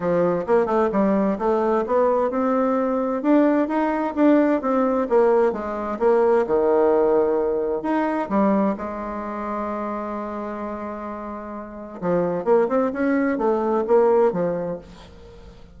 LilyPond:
\new Staff \with { instrumentName = "bassoon" } { \time 4/4 \tempo 4 = 130 f4 ais8 a8 g4 a4 | b4 c'2 d'4 | dis'4 d'4 c'4 ais4 | gis4 ais4 dis2~ |
dis4 dis'4 g4 gis4~ | gis1~ | gis2 f4 ais8 c'8 | cis'4 a4 ais4 f4 | }